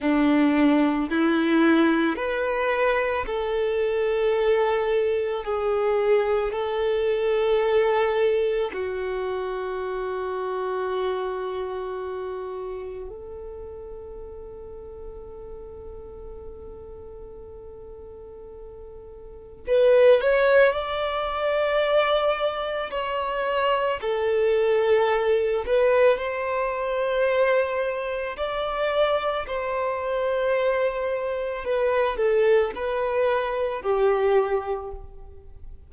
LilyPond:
\new Staff \with { instrumentName = "violin" } { \time 4/4 \tempo 4 = 55 d'4 e'4 b'4 a'4~ | a'4 gis'4 a'2 | fis'1 | a'1~ |
a'2 b'8 cis''8 d''4~ | d''4 cis''4 a'4. b'8 | c''2 d''4 c''4~ | c''4 b'8 a'8 b'4 g'4 | }